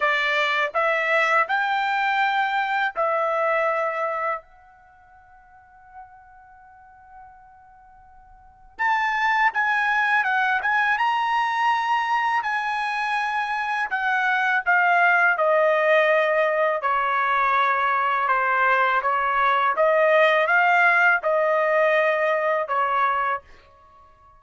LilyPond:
\new Staff \with { instrumentName = "trumpet" } { \time 4/4 \tempo 4 = 82 d''4 e''4 g''2 | e''2 fis''2~ | fis''1 | a''4 gis''4 fis''8 gis''8 ais''4~ |
ais''4 gis''2 fis''4 | f''4 dis''2 cis''4~ | cis''4 c''4 cis''4 dis''4 | f''4 dis''2 cis''4 | }